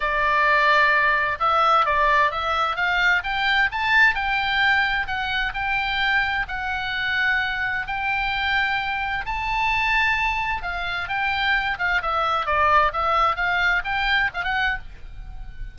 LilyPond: \new Staff \with { instrumentName = "oboe" } { \time 4/4 \tempo 4 = 130 d''2. e''4 | d''4 e''4 f''4 g''4 | a''4 g''2 fis''4 | g''2 fis''2~ |
fis''4 g''2. | a''2. f''4 | g''4. f''8 e''4 d''4 | e''4 f''4 g''4 f''16 fis''8. | }